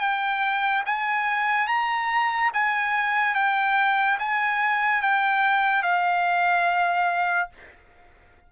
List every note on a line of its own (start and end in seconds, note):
0.00 0.83 G5
0.86 1.67 G#5
1.67 2.51 A#5
2.53 3.34 G#5
3.34 4.18 G5
4.19 5.02 G#5
5.02 5.83 G5
5.83 7.49 F5